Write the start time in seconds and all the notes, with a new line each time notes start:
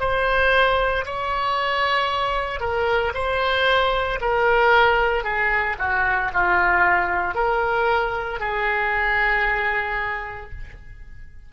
0.00 C5
1.06 C#5
2.60 A#4
3.15 C5
4.21 A#4
5.24 G#4
5.79 F#4
6.33 F4
7.35 A#4
8.40 G#4